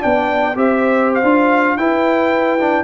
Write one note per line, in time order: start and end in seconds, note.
0.00 0.56 B3
0.00 0.54 D4
0.00 0.56 D5
0.00 0.57 G5
0.56 1.23 C4
0.56 1.23 G4
0.56 1.78 C5
0.56 1.12 E5
1.15 1.77 F5
1.23 1.77 D4
1.23 1.78 F4
1.77 2.84 E4
1.77 2.59 E4
1.77 2.84 B4
1.77 2.84 G5
2.60 2.84 D4